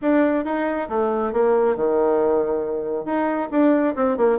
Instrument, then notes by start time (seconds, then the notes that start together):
bassoon
0.01 D4
0.44 D#4
0.88 A3
1.32 A#3
1.76 D#3
3.05 D#4
3.51 D4
3.95 C4
4.17 A#3